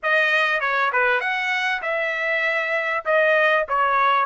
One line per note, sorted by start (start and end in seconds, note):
0.03 0.60 D#5
0.60 0.91 C#5
0.92 1.20 B4
1.20 1.81 F#5
1.82 3.04 E5
3.05 3.66 D#5
3.68 4.25 C#5